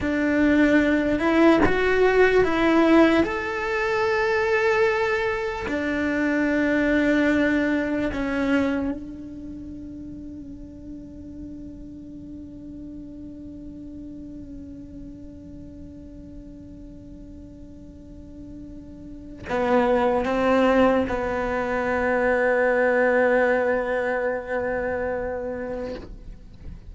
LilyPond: \new Staff \with { instrumentName = "cello" } { \time 4/4 \tempo 4 = 74 d'4. e'8 fis'4 e'4 | a'2. d'4~ | d'2 cis'4 d'4~ | d'1~ |
d'1~ | d'1 | b4 c'4 b2~ | b1 | }